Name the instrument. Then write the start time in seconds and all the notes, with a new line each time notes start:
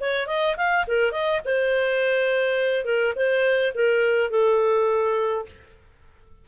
clarinet
0.00 C#5
0.27 D#5
0.56 F5
0.87 A#4
1.11 D#5
1.44 C5
2.85 A#4
3.15 C5
3.74 A#4
4.30 A4